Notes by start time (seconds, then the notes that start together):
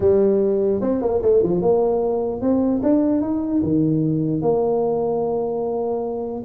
0.00 G3
0.81 C4
1.01 A#3
1.22 A3
1.42 F3
1.61 A#3
2.41 C4
2.83 D4
3.21 D#4
3.62 D#3
4.41 A#3